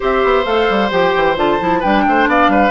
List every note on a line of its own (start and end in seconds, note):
0.00 0.23 C4
0.00 0.44 G4
0.00 1.79 C5
0.00 0.44 E5
0.23 0.45 B3
0.44 0.67 A3
0.44 0.89 A4
0.44 0.90 F5
0.69 0.91 G3
0.90 1.14 F3
0.90 1.35 G4
0.90 1.36 G5
1.15 1.37 E3
1.36 1.59 D3
1.36 1.58 F4
1.36 1.81 A5
1.59 1.83 F3
1.59 1.82 E4
1.79 2.06 G3
1.79 2.71 D4
1.79 2.02 B4
1.79 2.27 G5
2.06 2.26 A3
2.06 2.29 C5
2.26 2.47 B3
2.26 2.51 D5
2.26 2.71 F5
2.47 2.70 G3
2.47 2.71 B4